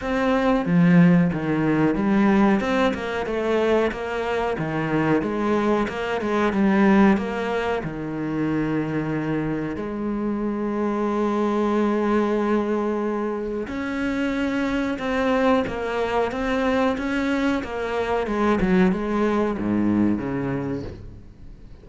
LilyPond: \new Staff \with { instrumentName = "cello" } { \time 4/4 \tempo 4 = 92 c'4 f4 dis4 g4 | c'8 ais8 a4 ais4 dis4 | gis4 ais8 gis8 g4 ais4 | dis2. gis4~ |
gis1~ | gis4 cis'2 c'4 | ais4 c'4 cis'4 ais4 | gis8 fis8 gis4 gis,4 cis4 | }